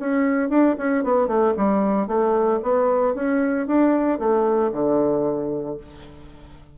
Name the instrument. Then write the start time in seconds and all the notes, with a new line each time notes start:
bassoon
0.00 C#4
0.50 D4
0.78 C#4
1.04 B3
1.28 A3
1.57 G3
2.08 A3
2.63 B3
3.15 C#4
3.67 D4
4.19 A3
4.72 D3